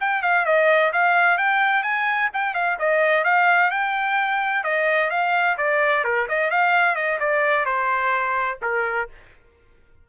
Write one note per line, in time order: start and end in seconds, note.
0.00 0.22 G5
0.22 0.45 F5
0.45 0.92 D#5
0.92 1.38 F5
1.38 1.83 G5
1.83 2.29 G#5
2.33 2.54 G5
2.54 2.77 F5
2.79 3.24 D#5
3.24 3.71 F5
3.71 4.64 G5
4.64 5.10 D#5
5.10 5.56 F5
5.57 6.04 D5
6.04 6.27 A#4
6.28 6.50 D#5
6.50 6.95 F5
6.95 7.18 D#5
7.19 7.65 D5
7.65 8.58 C5
8.62 9.08 A#4